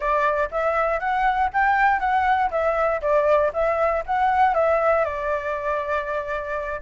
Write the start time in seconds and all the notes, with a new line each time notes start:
0.00 D5
0.51 E5
0.99 F#5
1.53 G5
1.99 F#5
2.50 E5
3.01 D5
3.53 E5
4.06 F#5
4.54 E5
5.04 D5